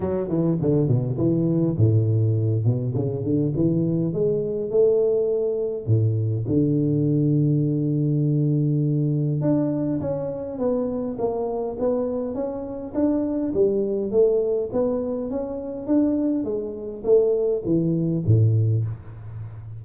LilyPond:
\new Staff \with { instrumentName = "tuba" } { \time 4/4 \tempo 4 = 102 fis8 e8 d8 b,8 e4 a,4~ | a,8 b,8 cis8 d8 e4 gis4 | a2 a,4 d4~ | d1 |
d'4 cis'4 b4 ais4 | b4 cis'4 d'4 g4 | a4 b4 cis'4 d'4 | gis4 a4 e4 a,4 | }